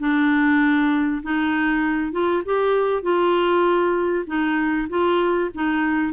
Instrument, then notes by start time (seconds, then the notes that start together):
clarinet
0.00 D4
1.23 D#4
2.12 F4
2.46 G4
3.03 F4
4.27 D#4
4.90 F4
5.55 D#4